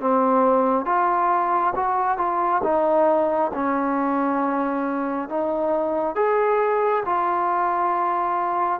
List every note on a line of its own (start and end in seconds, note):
0.00 0.85 C4
0.85 1.73 F4
1.75 2.17 F#4
2.17 2.61 F4
2.63 3.51 D#4
3.54 5.29 C#4
5.29 6.15 D#4
6.15 7.03 G#4
7.05 8.80 F4